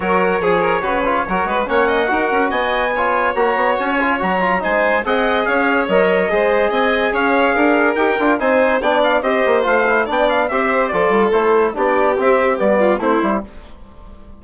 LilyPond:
<<
  \new Staff \with { instrumentName = "trumpet" } { \time 4/4 \tempo 4 = 143 cis''1 | fis''2 gis''2 | ais''4 gis''4 ais''4 gis''4 | fis''4 f''4 dis''2 |
gis''4 f''2 g''4 | gis''4 g''8 f''8 dis''4 f''4 | g''8 f''8 e''4 d''4 c''4 | d''4 e''4 d''4 c''4 | }
  \new Staff \with { instrumentName = "violin" } { \time 4/4 ais'4 gis'8 ais'8 b'4 ais'8 b'8 | cis''8 dis''8 ais'4 dis''4 cis''4~ | cis''2. c''4 | dis''4 cis''2 c''4 |
dis''4 cis''4 ais'2 | c''4 d''4 c''2 | d''4 c''4 a'2 | g'2~ g'8 f'8 e'4 | }
  \new Staff \with { instrumentName = "trombone" } { \time 4/4 fis'4 gis'4 fis'8 f'8 fis'4 | cis'4 fis'2 f'4 | fis'4. f'8 fis'8 f'8 dis'4 | gis'2 ais'4 gis'4~ |
gis'2. g'8 f'8 | dis'4 d'4 g'4 f'8 e'8 | d'4 g'4 f'4 e'4 | d'4 c'4 b4 c'8 e'8 | }
  \new Staff \with { instrumentName = "bassoon" } { \time 4/4 fis4 f4 cis4 fis8 gis8 | ais4 dis'8 cis'8 b2 | ais8 b8 cis'4 fis4 gis4 | c'4 cis'4 fis4 gis4 |
c'4 cis'4 d'4 dis'8 d'8 | c'4 b4 c'8 ais8 a4 | b4 c'4 f8 g8 a4 | b4 c'4 g4 a8 g8 | }
>>